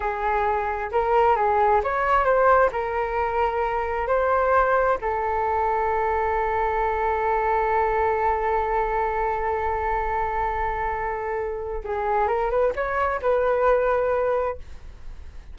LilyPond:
\new Staff \with { instrumentName = "flute" } { \time 4/4 \tempo 4 = 132 gis'2 ais'4 gis'4 | cis''4 c''4 ais'2~ | ais'4 c''2 a'4~ | a'1~ |
a'1~ | a'1~ | a'2 gis'4 ais'8 b'8 | cis''4 b'2. | }